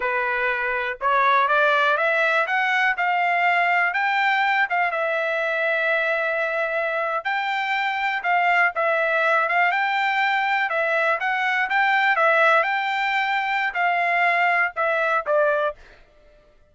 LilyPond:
\new Staff \with { instrumentName = "trumpet" } { \time 4/4 \tempo 4 = 122 b'2 cis''4 d''4 | e''4 fis''4 f''2 | g''4. f''8 e''2~ | e''2~ e''8. g''4~ g''16~ |
g''8. f''4 e''4. f''8 g''16~ | g''4.~ g''16 e''4 fis''4 g''16~ | g''8. e''4 g''2~ g''16 | f''2 e''4 d''4 | }